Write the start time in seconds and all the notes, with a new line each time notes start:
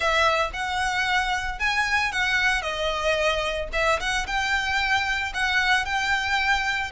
0.00 E5
0.53 F#5
1.59 G#5
2.12 F#5
2.62 D#5
3.73 E5
3.99 F#5
4.26 G5
5.34 F#5
5.85 G5